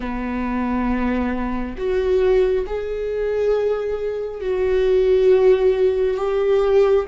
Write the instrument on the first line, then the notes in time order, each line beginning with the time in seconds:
viola
0.00 B3
1.77 F#4
2.66 G#4
4.40 F#4
6.17 G4